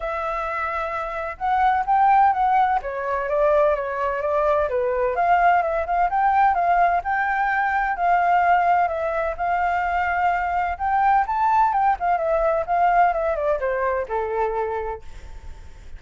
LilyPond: \new Staff \with { instrumentName = "flute" } { \time 4/4 \tempo 4 = 128 e''2. fis''4 | g''4 fis''4 cis''4 d''4 | cis''4 d''4 b'4 f''4 | e''8 f''8 g''4 f''4 g''4~ |
g''4 f''2 e''4 | f''2. g''4 | a''4 g''8 f''8 e''4 f''4 | e''8 d''8 c''4 a'2 | }